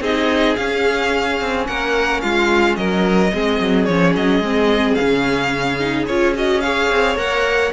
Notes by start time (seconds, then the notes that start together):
0.00 C4 D#4 G#4 D#5
0.56 C#4 F5
1.40 C4
1.67 A#3 A#4 F#5
2.21 G#3 F4 F5
2.76 F#3 A#4 D#5
3.33 G#3 C4 G#4
3.60 F#3
3.85 F3 C#4 C#5
4.15 F#3 D#5
4.39 G#3 C4
4.95 C#3 C#4 F5
5.79 D#4
6.07 C#4 F4 C#5
6.34 F#4 D#5
6.61 G#4 C#5 F5
6.90 C4
7.16 A#3 A#4 F#5